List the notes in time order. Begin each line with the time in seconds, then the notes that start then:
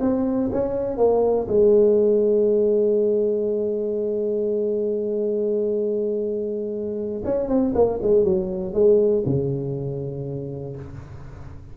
0.00 C4
0.52 C#4
0.97 A#3
1.47 G#3
7.25 C#4
7.48 C4
7.75 A#3
8.02 G#3
8.24 F#3
8.73 G#3
9.26 C#3